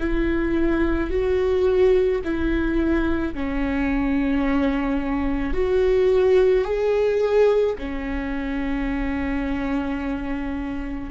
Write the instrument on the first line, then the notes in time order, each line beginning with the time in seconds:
viola
0.00 E4
1.11 F#4
2.24 E4
3.34 C#4
5.54 F#4
6.65 G#4
7.79 C#4